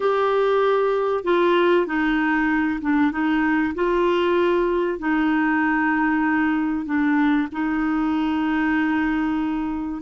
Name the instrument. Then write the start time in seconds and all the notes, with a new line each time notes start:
clarinet
0.00 G4
1.24 F4
1.86 D#4
2.81 D4
3.11 D#4
3.74 F4
4.98 D#4
6.85 D4
7.51 D#4